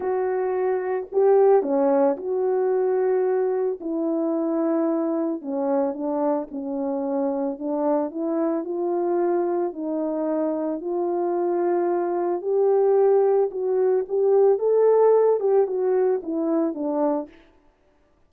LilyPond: \new Staff \with { instrumentName = "horn" } { \time 4/4 \tempo 4 = 111 fis'2 g'4 cis'4 | fis'2. e'4~ | e'2 cis'4 d'4 | cis'2 d'4 e'4 |
f'2 dis'2 | f'2. g'4~ | g'4 fis'4 g'4 a'4~ | a'8 g'8 fis'4 e'4 d'4 | }